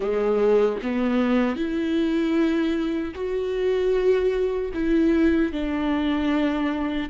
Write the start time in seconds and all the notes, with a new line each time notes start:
0.00 G#3
0.82 B3
1.56 E4
3.14 F#4
4.74 E4
5.52 D4